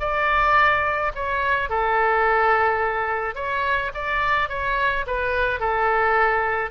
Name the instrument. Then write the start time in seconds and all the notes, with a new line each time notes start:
oboe
0.00 D5
1.15 C#5
1.70 A4
3.36 C#5
3.95 D5
4.50 C#5
5.07 B4
5.60 A4